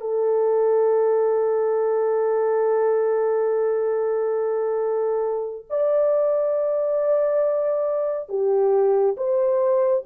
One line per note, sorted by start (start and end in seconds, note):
0.00 5.65 A4
5.70 8.29 D5
8.29 9.16 G4
9.17 10.04 C5